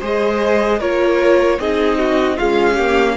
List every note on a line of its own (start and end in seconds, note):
0.00 0.81 G#3
0.00 0.80 G#4
0.00 0.79 C5
0.00 0.81 D#5
0.79 1.59 A#3
0.79 1.59 F4
0.79 1.58 A#4
0.79 1.60 C#5
1.59 2.38 C4
1.59 2.38 D#4
1.59 1.98 G#4
1.59 2.38 D#5
1.98 2.37 F#4
2.37 2.78 G#3
2.37 3.16 C#4
2.37 2.74 F4
2.37 3.16 F5
2.74 3.16 A#3
2.74 3.13 G4